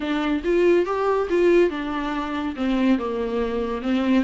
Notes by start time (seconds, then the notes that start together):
0.00 D4
0.44 F4
0.85 G4
1.29 F4
1.69 D4
2.55 C4
2.98 A#3
3.82 C4